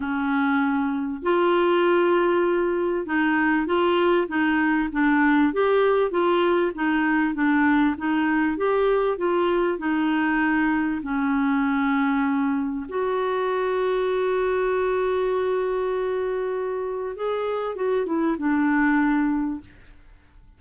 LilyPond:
\new Staff \with { instrumentName = "clarinet" } { \time 4/4 \tempo 4 = 98 cis'2 f'2~ | f'4 dis'4 f'4 dis'4 | d'4 g'4 f'4 dis'4 | d'4 dis'4 g'4 f'4 |
dis'2 cis'2~ | cis'4 fis'2.~ | fis'1 | gis'4 fis'8 e'8 d'2 | }